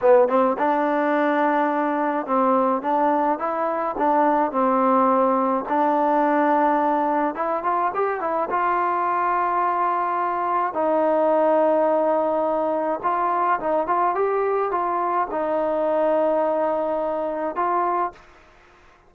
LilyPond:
\new Staff \with { instrumentName = "trombone" } { \time 4/4 \tempo 4 = 106 b8 c'8 d'2. | c'4 d'4 e'4 d'4 | c'2 d'2~ | d'4 e'8 f'8 g'8 e'8 f'4~ |
f'2. dis'4~ | dis'2. f'4 | dis'8 f'8 g'4 f'4 dis'4~ | dis'2. f'4 | }